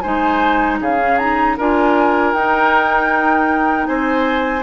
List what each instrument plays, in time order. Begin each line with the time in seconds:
0.00 bassoon G#3, clarinet D#4, oboe C5, flute G#5
0.80 bassoon C#3, oboe G#4, flute F5
0.98 clarinet C#4
1.18 clarinet D#4, flute A#5
1.57 bassoon D4, clarinet F4, oboe A#4, flute G#5
2.33 bassoon D#4, clarinet D#4, flute G5
3.86 bassoon C4, oboe C5, flute G#5